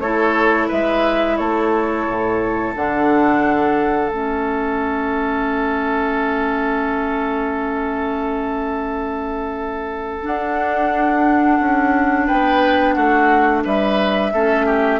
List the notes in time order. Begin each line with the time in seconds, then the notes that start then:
0.00 A3 E4 A4 C#5
0.68 G#3 B4 E5
1.37 A3 A4 C#5
2.07 A2
2.75 D3 D4 F#5
4.08 A3 C#4 E5
10.22 D4 F#5
11.59 C#4
12.26 B3 B4 G5
12.93 A3 F#4 F#5
13.64 G3 B4 E5
14.33 A3 C#4 A4
14.66 G4